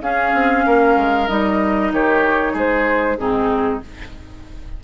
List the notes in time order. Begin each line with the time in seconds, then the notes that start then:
0.00 C#4 G#4 F5
0.33 C4
0.65 A#3 A#4
0.96 G#3
1.27 G3 D#4 D#5
1.91 D#3 G4 C#5
2.52 G#3 G#4 C5
3.17 G#2 C4 D#4 G#4